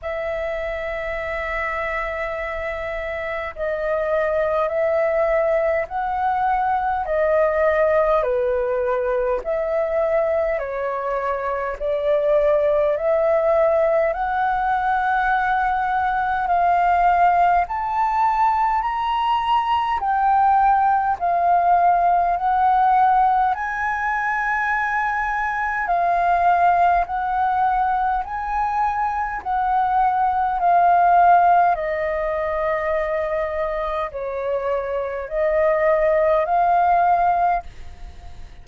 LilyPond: \new Staff \with { instrumentName = "flute" } { \time 4/4 \tempo 4 = 51 e''2. dis''4 | e''4 fis''4 dis''4 b'4 | e''4 cis''4 d''4 e''4 | fis''2 f''4 a''4 |
ais''4 g''4 f''4 fis''4 | gis''2 f''4 fis''4 | gis''4 fis''4 f''4 dis''4~ | dis''4 cis''4 dis''4 f''4 | }